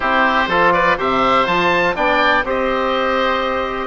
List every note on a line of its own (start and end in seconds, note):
0.00 0.47 C4
0.00 0.46 E4
0.00 0.48 G4
0.00 0.72 C5
0.47 0.96 F3
0.47 0.98 F4
0.47 0.73 A4
0.72 0.97 B4
0.72 0.97 D5
0.97 1.46 C3
0.97 1.45 G4
0.97 1.95 C5
0.97 1.47 E5
1.45 1.95 F3
1.45 1.94 F4
1.45 1.95 A5
1.95 2.44 B3
1.95 2.43 D4
1.95 2.44 D5
1.95 2.44 G5
2.44 3.87 C4
2.44 3.87 G4
2.44 3.87 C5
2.44 3.87 D#5